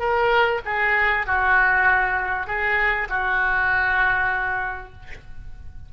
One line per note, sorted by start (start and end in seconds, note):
0.00 0.61 A#4
0.65 1.27 G#4
1.27 2.47 F#4
2.47 3.09 G#4
3.09 4.93 F#4